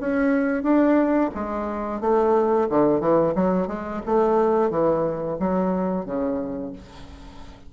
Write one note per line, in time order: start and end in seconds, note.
0.00 0.63 C#4
0.63 1.30 D4
1.34 2.00 G#3
2.00 2.68 A3
2.69 3.00 D3
3.00 3.33 E3
3.35 3.67 F#3
3.67 4.01 G#3
4.05 4.70 A3
4.70 5.37 E3
5.39 6.05 F#3
6.05 6.72 C#3